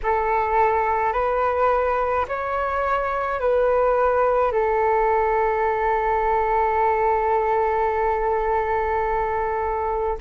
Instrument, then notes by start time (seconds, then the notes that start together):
flute
0.03 A4
1.13 B4
2.27 C#5
3.40 B4
4.51 A4